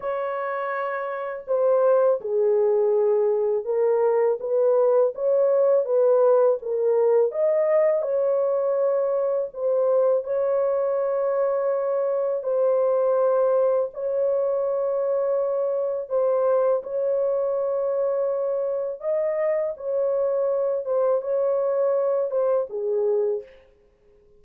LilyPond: \new Staff \with { instrumentName = "horn" } { \time 4/4 \tempo 4 = 82 cis''2 c''4 gis'4~ | gis'4 ais'4 b'4 cis''4 | b'4 ais'4 dis''4 cis''4~ | cis''4 c''4 cis''2~ |
cis''4 c''2 cis''4~ | cis''2 c''4 cis''4~ | cis''2 dis''4 cis''4~ | cis''8 c''8 cis''4. c''8 gis'4 | }